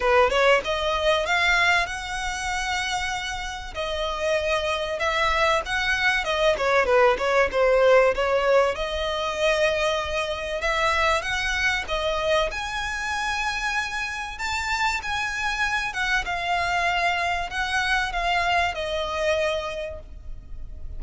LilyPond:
\new Staff \with { instrumentName = "violin" } { \time 4/4 \tempo 4 = 96 b'8 cis''8 dis''4 f''4 fis''4~ | fis''2 dis''2 | e''4 fis''4 dis''8 cis''8 b'8 cis''8 | c''4 cis''4 dis''2~ |
dis''4 e''4 fis''4 dis''4 | gis''2. a''4 | gis''4. fis''8 f''2 | fis''4 f''4 dis''2 | }